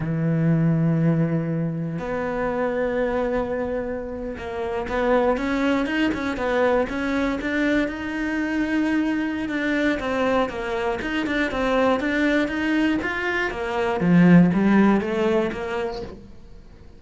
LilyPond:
\new Staff \with { instrumentName = "cello" } { \time 4/4 \tempo 4 = 120 e1 | b1~ | b8. ais4 b4 cis'4 dis'16~ | dis'16 cis'8 b4 cis'4 d'4 dis'16~ |
dis'2. d'4 | c'4 ais4 dis'8 d'8 c'4 | d'4 dis'4 f'4 ais4 | f4 g4 a4 ais4 | }